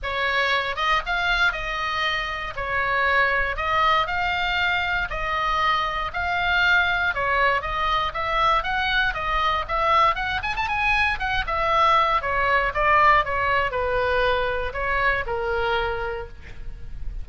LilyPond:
\new Staff \with { instrumentName = "oboe" } { \time 4/4 \tempo 4 = 118 cis''4. dis''8 f''4 dis''4~ | dis''4 cis''2 dis''4 | f''2 dis''2 | f''2 cis''4 dis''4 |
e''4 fis''4 dis''4 e''4 | fis''8 gis''16 a''16 gis''4 fis''8 e''4. | cis''4 d''4 cis''4 b'4~ | b'4 cis''4 ais'2 | }